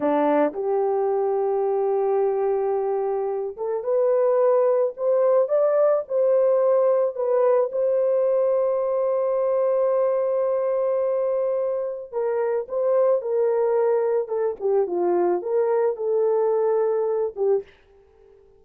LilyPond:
\new Staff \with { instrumentName = "horn" } { \time 4/4 \tempo 4 = 109 d'4 g'2.~ | g'2~ g'8 a'8 b'4~ | b'4 c''4 d''4 c''4~ | c''4 b'4 c''2~ |
c''1~ | c''2 ais'4 c''4 | ais'2 a'8 g'8 f'4 | ais'4 a'2~ a'8 g'8 | }